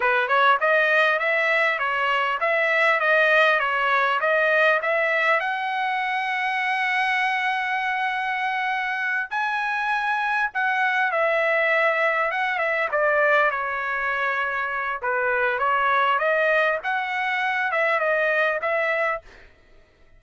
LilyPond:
\new Staff \with { instrumentName = "trumpet" } { \time 4/4 \tempo 4 = 100 b'8 cis''8 dis''4 e''4 cis''4 | e''4 dis''4 cis''4 dis''4 | e''4 fis''2.~ | fis''2.~ fis''8 gis''8~ |
gis''4. fis''4 e''4.~ | e''8 fis''8 e''8 d''4 cis''4.~ | cis''4 b'4 cis''4 dis''4 | fis''4. e''8 dis''4 e''4 | }